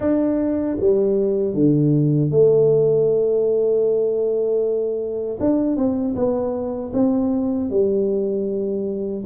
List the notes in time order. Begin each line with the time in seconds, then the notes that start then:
0.00 D4
0.79 G3
1.54 D3
2.30 A3
5.40 D4
5.76 C4
6.15 B3
6.93 C4
7.70 G3